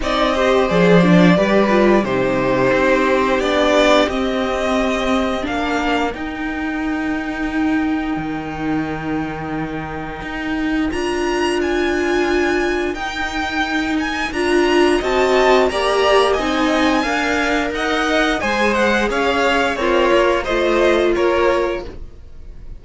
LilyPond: <<
  \new Staff \with { instrumentName = "violin" } { \time 4/4 \tempo 4 = 88 dis''4 d''2 c''4~ | c''4 d''4 dis''2 | f''4 g''2.~ | g''1 |
ais''4 gis''2 g''4~ | g''8 gis''8 ais''4 a''4 ais''4 | gis''2 fis''4 gis''8 fis''8 | f''4 cis''4 dis''4 cis''4 | }
  \new Staff \with { instrumentName = "violin" } { \time 4/4 d''8 c''4. b'4 g'4~ | g'1 | ais'1~ | ais'1~ |
ais'1~ | ais'2 dis''4 d''4 | dis''4 f''4 dis''4 c''4 | cis''4 f'4 c''4 ais'4 | }
  \new Staff \with { instrumentName = "viola" } { \time 4/4 dis'8 g'8 gis'8 d'8 g'8 f'8 dis'4~ | dis'4 d'4 c'2 | d'4 dis'2.~ | dis'1 |
f'2. dis'4~ | dis'4 f'4 fis'4 g'4 | dis'4 ais'2 gis'4~ | gis'4 ais'4 f'2 | }
  \new Staff \with { instrumentName = "cello" } { \time 4/4 c'4 f4 g4 c4 | c'4 b4 c'2 | ais4 dis'2. | dis2. dis'4 |
d'2. dis'4~ | dis'4 d'4 c'4 ais4 | c'4 d'4 dis'4 gis4 | cis'4 c'8 ais8 a4 ais4 | }
>>